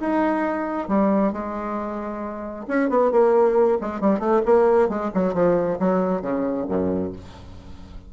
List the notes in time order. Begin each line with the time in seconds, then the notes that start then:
0.00 D#4
0.88 G3
1.32 G#3
2.68 C#4
2.89 B3
3.11 A#3
3.81 G#3
4.00 G3
4.19 A3
4.45 A#3
4.89 G#3
5.14 F#3
5.33 F3
5.79 F#3
6.21 C#3
6.68 F#2